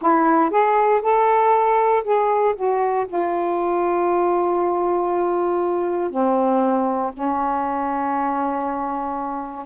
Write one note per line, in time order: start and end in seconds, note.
0.01 0.50 E4
0.50 1.01 G#4
1.02 2.03 A4
2.03 2.54 G#4
2.55 3.06 F#4
3.07 6.10 F4
6.10 7.12 C4
7.13 9.65 C#4